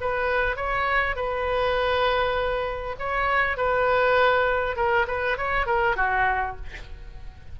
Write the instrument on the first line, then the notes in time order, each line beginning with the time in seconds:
oboe
0.00 B4
0.56 C#5
1.15 B4
2.99 C#5
3.57 B4
4.76 A#4
5.07 B4
5.37 C#5
5.66 A#4
5.96 F#4